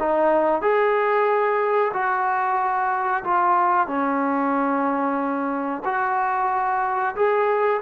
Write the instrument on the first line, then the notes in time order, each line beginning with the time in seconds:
trombone
0.00 D#4
0.62 G#4
1.94 F#4
3.24 F4
3.88 C#4
5.85 F#4
7.16 G#4